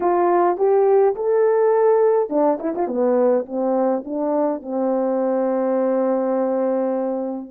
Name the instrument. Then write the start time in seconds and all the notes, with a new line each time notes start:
horn
0.00 F4
0.57 G4
1.15 A4
2.29 D4
2.60 E4
2.75 F4
2.87 B3
3.46 C4
4.04 D4
4.62 C4